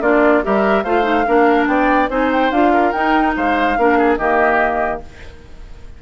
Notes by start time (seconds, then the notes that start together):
0.00 A#3 D4 F4 D5
0.43 G3 G4 A#4 E5
0.83 A3 F4 C5 F5
1.02 D#4
1.27 A#3 D4 A#4
1.66 B3 D5 G5
2.09 C4 D#4 C5 G#5
2.32 G5
2.51 D4 F4 F5
2.73 A#4
2.92 D#4 G5
3.36 G#3 C5 F5
3.77 A#3 D4 A#4
3.98 G#4
4.16 D#3 A#3 G4 D#5